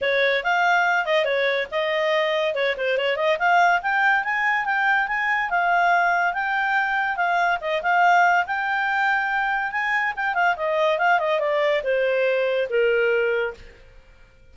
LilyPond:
\new Staff \with { instrumentName = "clarinet" } { \time 4/4 \tempo 4 = 142 cis''4 f''4. dis''8 cis''4 | dis''2 cis''8 c''8 cis''8 dis''8 | f''4 g''4 gis''4 g''4 | gis''4 f''2 g''4~ |
g''4 f''4 dis''8 f''4. | g''2. gis''4 | g''8 f''8 dis''4 f''8 dis''8 d''4 | c''2 ais'2 | }